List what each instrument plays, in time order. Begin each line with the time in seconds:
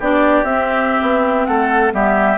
0.00 bassoon B3, clarinet D4, oboe G4, flute D5
0.43 bassoon C4, clarinet C4, flute E5
1.02 bassoon B3
1.46 bassoon A3, oboe A4, flute F#5
1.92 bassoon G3, clarinet B3, oboe G4, flute E5